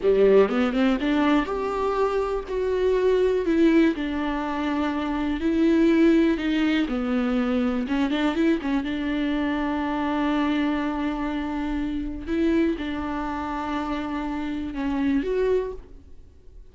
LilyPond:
\new Staff \with { instrumentName = "viola" } { \time 4/4 \tempo 4 = 122 g4 b8 c'8 d'4 g'4~ | g'4 fis'2 e'4 | d'2. e'4~ | e'4 dis'4 b2 |
cis'8 d'8 e'8 cis'8 d'2~ | d'1~ | d'4 e'4 d'2~ | d'2 cis'4 fis'4 | }